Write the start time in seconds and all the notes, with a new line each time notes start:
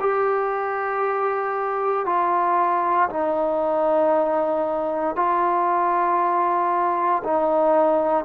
0.00 G4
2.06 F4
3.09 D#4
5.16 F4
7.24 D#4